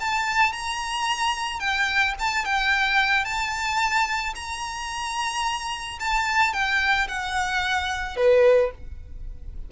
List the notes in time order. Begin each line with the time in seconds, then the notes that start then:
0.00 A5
0.53 A#5
1.60 G5
2.19 A5
2.45 G5
3.25 A5
4.35 A#5
6.00 A5
6.53 G5
7.08 F#5
8.17 B4